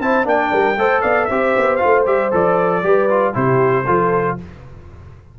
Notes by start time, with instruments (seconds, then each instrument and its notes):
0.00 tuba C4, trombone E4, horn C5, trumpet A5
0.24 tuba A#3, trombone D4, horn D5, trumpet G5
0.52 tuba G3, horn A#4
0.77 tuba A3, trombone A4, horn C5
1.02 tuba B3, horn D5, trumpet F5
1.26 tuba C4, trombone G4, horn C5, trumpet E5
1.57 tuba B3
1.76 trombone F4, trumpet F5
1.85 tuba A3
2.06 tuba G3, trombone G4, trumpet E5
2.32 tuba F3, trombone A4, trumpet D5
2.84 tuba G3, trombone G4, horn B4
3.10 trombone F4
3.34 tuba C3, trombone E4, horn G4, trumpet C5
3.87 tuba F3, trombone F4, horn A4